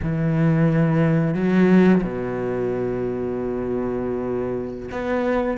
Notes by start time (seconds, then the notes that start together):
0.02 E3
1.34 F#3
2.03 B2
4.91 B3